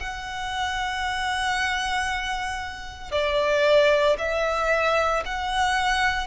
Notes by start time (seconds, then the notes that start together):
0.00 F#5
3.11 D5
4.18 E5
5.26 F#5